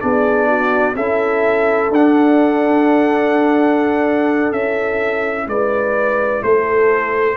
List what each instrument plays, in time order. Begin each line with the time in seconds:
0.00 tuba B3, trombone D4, horn G#4, trumpet D5
0.48 horn F#4
0.95 tuba C#4, trombone E4, horn A4, trumpet E5
1.90 tuba D4, trombone D4, trumpet F#5
4.52 tuba C#4, trombone E4, trumpet E5
5.47 tuba G#3, horn B4, trumpet D5
6.43 tuba A3, horn A4, trumpet C5